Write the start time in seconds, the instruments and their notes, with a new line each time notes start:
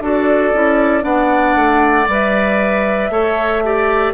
0.00 bassoon D4, clarinet F#4, oboe A4, flute D5
0.53 bassoon C#4, clarinet E4
1.01 bassoon B3, clarinet D4, oboe D5, flute F#5
1.55 bassoon A3
2.08 bassoon G3, clarinet B4, flute E5
3.09 bassoon A3, clarinet A4, oboe C#5
3.64 clarinet G4, oboe D5